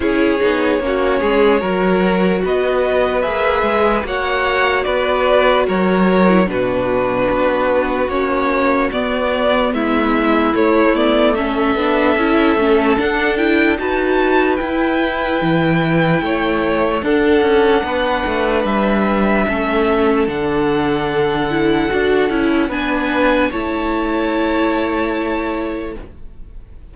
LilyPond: <<
  \new Staff \with { instrumentName = "violin" } { \time 4/4 \tempo 4 = 74 cis''2. dis''4 | e''4 fis''4 d''4 cis''4 | b'2 cis''4 d''4 | e''4 cis''8 d''8 e''2 |
fis''8 g''8 a''4 g''2~ | g''4 fis''2 e''4~ | e''4 fis''2. | gis''4 a''2. | }
  \new Staff \with { instrumentName = "violin" } { \time 4/4 gis'4 fis'8 gis'8 ais'4 b'4~ | b'4 cis''4 b'4 ais'4 | fis'1 | e'2 a'2~ |
a'4 b'2. | cis''4 a'4 b'2 | a'1 | b'4 cis''2. | }
  \new Staff \with { instrumentName = "viola" } { \time 4/4 e'8 dis'8 cis'4 fis'2 | gis'4 fis'2~ fis'8. e'16 | d'2 cis'4 b4~ | b4 a8 b8 cis'8 d'8 e'8 cis'8 |
d'8 e'8 fis'4 e'2~ | e'4 d'2. | cis'4 d'4. e'8 fis'8 e'8 | d'4 e'2. | }
  \new Staff \with { instrumentName = "cello" } { \time 4/4 cis'8 b8 ais8 gis8 fis4 b4 | ais8 gis8 ais4 b4 fis4 | b,4 b4 ais4 b4 | gis4 a4. b8 cis'8 a8 |
d'4 dis'4 e'4 e4 | a4 d'8 cis'8 b8 a8 g4 | a4 d2 d'8 cis'8 | b4 a2. | }
>>